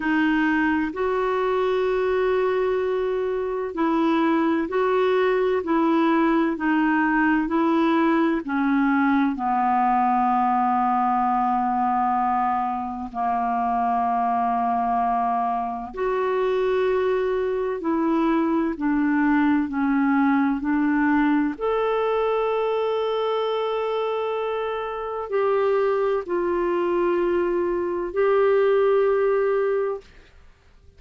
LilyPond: \new Staff \with { instrumentName = "clarinet" } { \time 4/4 \tempo 4 = 64 dis'4 fis'2. | e'4 fis'4 e'4 dis'4 | e'4 cis'4 b2~ | b2 ais2~ |
ais4 fis'2 e'4 | d'4 cis'4 d'4 a'4~ | a'2. g'4 | f'2 g'2 | }